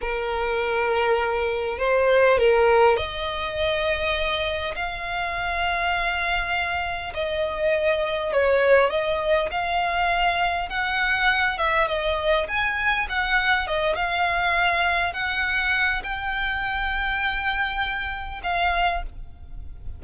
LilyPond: \new Staff \with { instrumentName = "violin" } { \time 4/4 \tempo 4 = 101 ais'2. c''4 | ais'4 dis''2. | f''1 | dis''2 cis''4 dis''4 |
f''2 fis''4. e''8 | dis''4 gis''4 fis''4 dis''8 f''8~ | f''4. fis''4. g''4~ | g''2. f''4 | }